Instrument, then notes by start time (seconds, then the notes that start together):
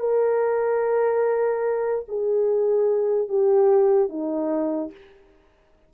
horn
0.00 A#4
2.08 G#4
3.28 G4
4.09 D#4